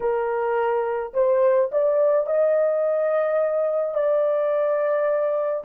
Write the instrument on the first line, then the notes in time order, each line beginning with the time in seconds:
horn
0.00 A#4
1.13 C5
1.71 D5
2.26 D#5
3.94 D5